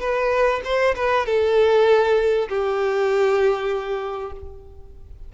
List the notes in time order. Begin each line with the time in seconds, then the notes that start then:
0.00 B4
0.64 C5
0.95 B4
1.26 A4
2.49 G4